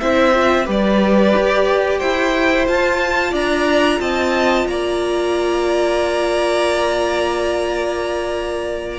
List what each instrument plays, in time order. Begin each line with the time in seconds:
0.00 cello C4, viola E4, violin C5 E5
0.34 viola F4
0.66 cello G3, viola G4, violin B4 D5
1.36 cello G4
1.99 cello E4, violin C5 G5
2.68 viola F4, cello F4, violin A5
3.32 cello D4, violin D5 A#5
4.00 cello C4, violin D#5 A5
4.67 cello A#3, violin D5 A#5